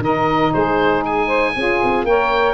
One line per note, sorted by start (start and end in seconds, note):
0.00 0.51 D#3
0.00 1.55 D#4
0.00 0.53 A#4
0.00 0.53 D#5
0.53 1.57 G#3
0.53 1.27 G#4
0.53 1.04 C5
1.06 2.06 G#5
1.27 1.52 C5
1.56 1.82 C#4
1.56 2.07 F4
1.56 2.07 G#4
1.84 2.04 C4
2.04 2.55 A#3
2.04 2.55 A#4
2.04 2.55 C#5
2.04 2.55 G5